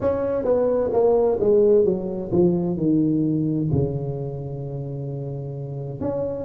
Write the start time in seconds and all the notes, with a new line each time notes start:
0.00 C#4
0.44 B3
0.92 A#3
1.40 G#3
1.84 F#3
2.32 F3
2.77 D#3
3.72 C#3
6.00 C#4